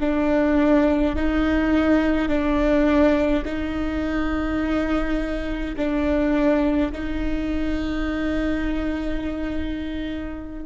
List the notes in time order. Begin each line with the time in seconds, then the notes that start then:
0.00 D4
1.16 D#4
2.28 D4
3.45 D#4
5.76 D4
6.92 D#4